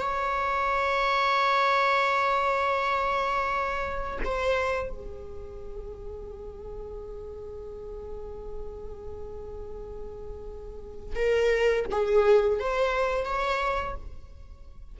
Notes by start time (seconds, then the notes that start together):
0.00 C#5
4.25 C5
4.90 G#4
11.16 A#4
11.92 G#4
12.60 C5
13.25 C#5